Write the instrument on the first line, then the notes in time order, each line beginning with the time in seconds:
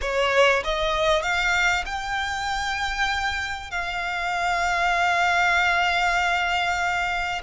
violin
0.01 C#5
0.64 D#5
1.22 F5
1.85 G5
3.70 F5